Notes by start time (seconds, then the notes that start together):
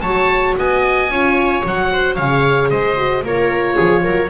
0.00 F#3 F#4 C#5 A5
0.58 B3 D#5 G#5
1.09 C#4 F4 C#5
1.64 F#3 F#4 F#5
1.92 C5
2.15 C#3 G#4 C#5 F5
2.69 G#3 C5 D#5
2.97 F#4
3.23 A#3 F4 A#4 C#5
3.76 F3 G#4
4.03 F#3 A#4